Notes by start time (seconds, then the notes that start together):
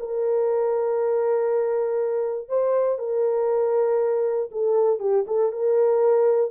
0.00 A#4
2.49 C5
2.99 A#4
4.51 A4
5.00 G4
5.27 A4
5.53 A#4